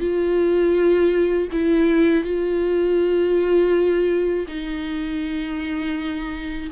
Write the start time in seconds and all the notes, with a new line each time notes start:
0.00 F4
1.52 E4
2.24 F4
4.47 D#4